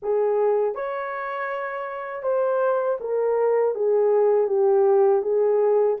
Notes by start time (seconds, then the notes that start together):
0.02 G#4
0.74 C#5
2.23 C5
3.00 A#4
3.74 G#4
4.47 G4
5.21 G#4